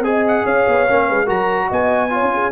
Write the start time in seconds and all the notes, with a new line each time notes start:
0.00 C4 G#4 D#5 G#5
0.27 F#5
0.44 C#4 C#5 F5
0.67 B3
0.87 A#3 C#4
1.07 G#3 B4
1.25 F#3 F#4 A#4 A#5
1.69 B3 D#5 G#5
2.10 F4 C#5
2.22 C#4
2.34 G#4